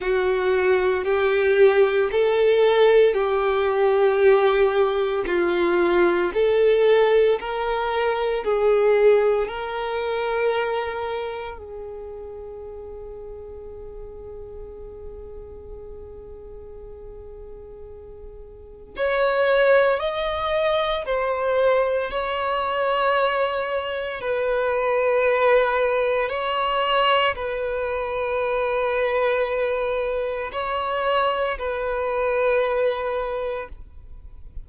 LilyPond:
\new Staff \with { instrumentName = "violin" } { \time 4/4 \tempo 4 = 57 fis'4 g'4 a'4 g'4~ | g'4 f'4 a'4 ais'4 | gis'4 ais'2 gis'4~ | gis'1~ |
gis'2 cis''4 dis''4 | c''4 cis''2 b'4~ | b'4 cis''4 b'2~ | b'4 cis''4 b'2 | }